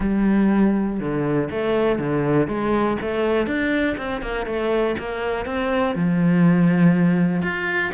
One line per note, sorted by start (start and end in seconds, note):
0.00 0.99 G3
0.99 1.49 D3
1.50 1.99 A3
1.99 2.47 D3
2.47 2.97 G#3
3.01 3.46 A3
3.46 3.96 D4
3.97 4.21 C4
4.21 4.46 A#3
4.46 4.95 A3
4.98 5.45 A#3
5.45 5.95 C4
5.95 7.42 F3
7.42 7.91 F4